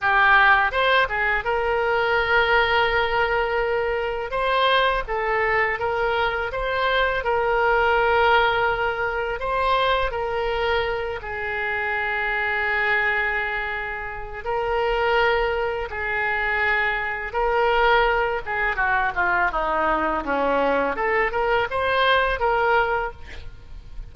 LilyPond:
\new Staff \with { instrumentName = "oboe" } { \time 4/4 \tempo 4 = 83 g'4 c''8 gis'8 ais'2~ | ais'2 c''4 a'4 | ais'4 c''4 ais'2~ | ais'4 c''4 ais'4. gis'8~ |
gis'1 | ais'2 gis'2 | ais'4. gis'8 fis'8 f'8 dis'4 | cis'4 a'8 ais'8 c''4 ais'4 | }